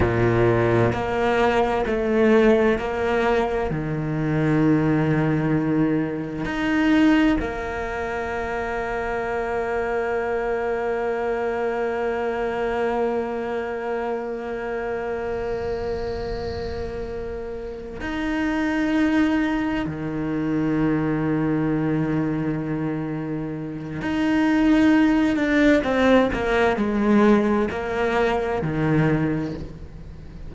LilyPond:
\new Staff \with { instrumentName = "cello" } { \time 4/4 \tempo 4 = 65 ais,4 ais4 a4 ais4 | dis2. dis'4 | ais1~ | ais1~ |
ais2.~ ais8 dis'8~ | dis'4. dis2~ dis8~ | dis2 dis'4. d'8 | c'8 ais8 gis4 ais4 dis4 | }